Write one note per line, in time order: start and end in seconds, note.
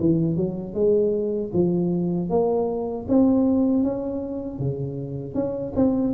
0.00 0.36 E3
0.36 0.74 F#3
0.74 1.51 G#3
1.53 2.29 F3
2.29 3.06 A#3
3.08 3.83 C4
3.83 4.59 C#4
4.59 5.34 C#3
5.34 5.73 C#4
5.75 6.14 C4